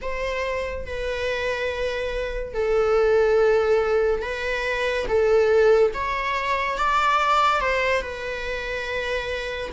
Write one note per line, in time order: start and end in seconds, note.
0.01 0.86 C5
0.86 2.54 B4
2.54 4.22 A4
4.22 5.06 B4
5.07 5.92 A4
5.94 6.78 C#5
6.78 7.61 D5
7.61 8.01 C5
8.01 9.70 B4